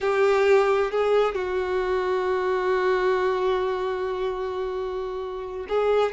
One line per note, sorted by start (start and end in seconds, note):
0.01 0.91 G4
0.91 1.35 G#4
1.35 5.66 F#4
5.69 6.12 G#4